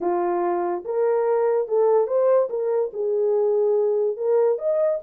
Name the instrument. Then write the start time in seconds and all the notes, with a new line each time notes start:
horn
0.00 F4
0.84 A#4
1.68 A4
2.07 C5
2.49 A#4
2.93 G#4
4.16 A#4
4.58 D#5